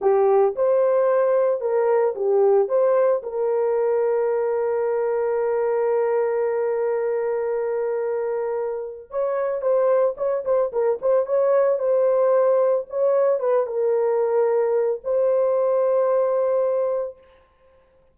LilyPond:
\new Staff \with { instrumentName = "horn" } { \time 4/4 \tempo 4 = 112 g'4 c''2 ais'4 | g'4 c''4 ais'2~ | ais'1~ | ais'1~ |
ais'4 cis''4 c''4 cis''8 c''8 | ais'8 c''8 cis''4 c''2 | cis''4 b'8 ais'2~ ais'8 | c''1 | }